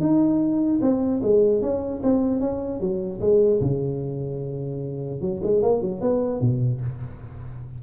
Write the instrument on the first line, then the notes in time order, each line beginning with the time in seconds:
tuba
0.00 D#4
0.81 C4
1.22 G#3
1.62 C#4
2.03 C4
2.40 C#4
2.80 F#3
3.20 G#3
3.61 C#3
5.21 F#3
5.43 G#3
5.62 A#3
5.81 F#3
6.01 B3
6.40 B2